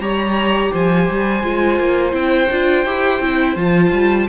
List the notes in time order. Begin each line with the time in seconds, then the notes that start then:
0.00 G3 G4 C#5 A#5
0.72 F3 C5 G#5
1.11 G3
1.44 G#3 F4
1.80 A#3
2.12 C4 E4 G5
2.51 D4 F4
2.85 E4 G4
3.21 C4 E4
3.56 F3 F4 A5
3.92 G3